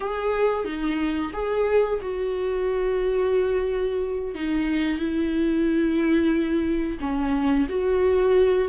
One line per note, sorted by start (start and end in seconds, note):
0.00 0.65 G#4
0.65 1.31 D#4
1.33 1.99 G#4
2.01 4.35 F#4
4.35 4.98 D#4
4.98 6.98 E4
7.00 7.67 C#4
7.68 8.68 F#4